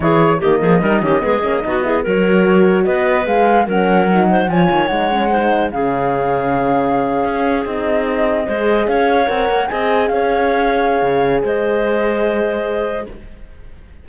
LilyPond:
<<
  \new Staff \with { instrumentName = "flute" } { \time 4/4 \tempo 4 = 147 cis''4 dis''2.~ | dis''4 cis''2 dis''4 | f''4 fis''2 gis''4 | fis''2 f''2~ |
f''2~ f''8. dis''4~ dis''16~ | dis''4.~ dis''16 f''4 fis''4 gis''16~ | gis''8. f''2.~ f''16 | dis''1 | }
  \new Staff \with { instrumentName = "clarinet" } { \time 4/4 gis'4 g'8 gis'8 ais'8 g'8 gis'4 | fis'8 gis'8 ais'2 b'4~ | b'4 ais'4. c''8 cis''4~ | cis''4 c''4 gis'2~ |
gis'1~ | gis'8. c''4 cis''2 dis''16~ | dis''8. cis''2.~ cis''16 | c''1 | }
  \new Staff \with { instrumentName = "horn" } { \time 4/4 e'4 ais4 dis'8 cis'8 b8 cis'8 | dis'8 e'8 fis'2. | gis'4 cis'4 dis'4 f'4 | dis'8 cis'8 dis'4 cis'2~ |
cis'2~ cis'8. dis'4~ dis'16~ | dis'8. gis'2 ais'4 gis'16~ | gis'1~ | gis'1 | }
  \new Staff \with { instrumentName = "cello" } { \time 4/4 e4 dis8 f8 g8 dis8 gis8 ais8 | b4 fis2 b4 | gis4 fis2 f8 dis8 | gis2 cis2~ |
cis4.~ cis16 cis'4 c'4~ c'16~ | c'8. gis4 cis'4 c'8 ais8 c'16~ | c'8. cis'2~ cis'16 cis4 | gis1 | }
>>